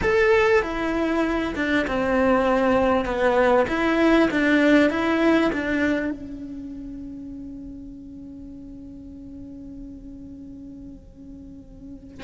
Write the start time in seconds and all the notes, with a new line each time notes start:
0.02 A4
0.62 E4
1.55 D4
1.87 C4
3.05 B3
3.68 E4
4.30 D4
4.90 E4
5.52 D4
6.11 C#4